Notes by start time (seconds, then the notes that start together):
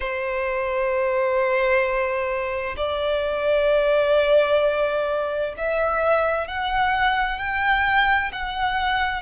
0.00 C5
2.77 D5
5.57 E5
6.47 F#5
7.38 G5
8.32 F#5